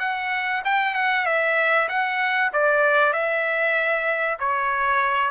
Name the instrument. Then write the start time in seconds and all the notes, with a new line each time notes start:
trumpet
0.00 F#5
0.65 G5
0.95 F#5
1.26 E5
1.89 F#5
2.53 D5
3.13 E5
4.40 C#5